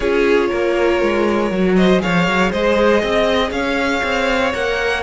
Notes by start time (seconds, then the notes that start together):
0.00 C#4 F4 G#4 C#5
0.49 A#3 A#4
1.02 G#3
1.50 F#3 F#4
1.75 C5 D#5
1.99 G#4 C#5 F5
2.05 F3
2.27 F#3
2.51 G#3 C5 D#5
3.00 C4 D#5
3.51 C#4 C#5 F5
4.03 C4
4.53 A#3 A#4 F#5